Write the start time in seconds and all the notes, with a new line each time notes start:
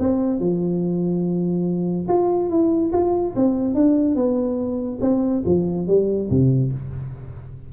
0.00 C4
0.39 F3
2.08 F4
2.50 E4
2.93 F4
3.36 C4
3.75 D4
4.15 B3
5.01 C4
5.46 F3
5.87 G3
6.30 C3